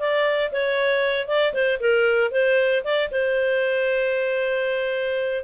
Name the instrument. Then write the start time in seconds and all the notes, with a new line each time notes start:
clarinet
0.00 D5
0.52 C#5
1.28 D5
1.54 C5
1.80 A#4
2.32 C5
2.84 D5
3.12 C5